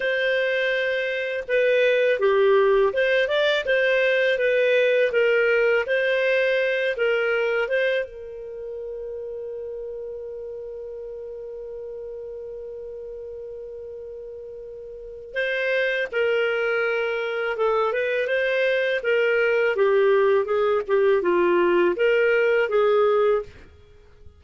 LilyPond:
\new Staff \with { instrumentName = "clarinet" } { \time 4/4 \tempo 4 = 82 c''2 b'4 g'4 | c''8 d''8 c''4 b'4 ais'4 | c''4. ais'4 c''8 ais'4~ | ais'1~ |
ais'1~ | ais'4 c''4 ais'2 | a'8 b'8 c''4 ais'4 g'4 | gis'8 g'8 f'4 ais'4 gis'4 | }